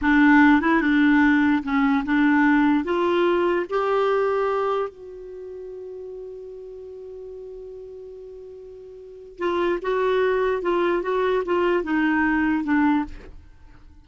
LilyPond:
\new Staff \with { instrumentName = "clarinet" } { \time 4/4 \tempo 4 = 147 d'4. e'8 d'2 | cis'4 d'2 f'4~ | f'4 g'2. | fis'1~ |
fis'1~ | fis'2. f'4 | fis'2 f'4 fis'4 | f'4 dis'2 d'4 | }